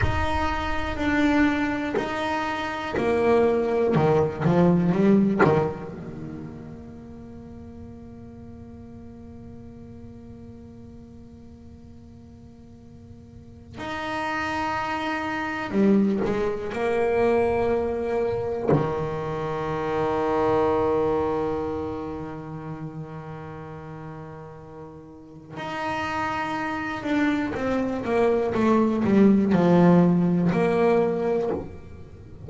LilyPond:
\new Staff \with { instrumentName = "double bass" } { \time 4/4 \tempo 4 = 61 dis'4 d'4 dis'4 ais4 | dis8 f8 g8 dis8 ais2~ | ais1~ | ais2 dis'2 |
g8 gis8 ais2 dis4~ | dis1~ | dis2 dis'4. d'8 | c'8 ais8 a8 g8 f4 ais4 | }